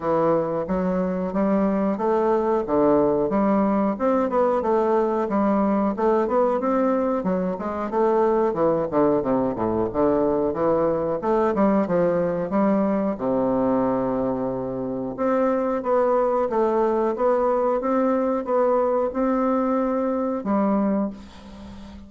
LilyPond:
\new Staff \with { instrumentName = "bassoon" } { \time 4/4 \tempo 4 = 91 e4 fis4 g4 a4 | d4 g4 c'8 b8 a4 | g4 a8 b8 c'4 fis8 gis8 | a4 e8 d8 c8 a,8 d4 |
e4 a8 g8 f4 g4 | c2. c'4 | b4 a4 b4 c'4 | b4 c'2 g4 | }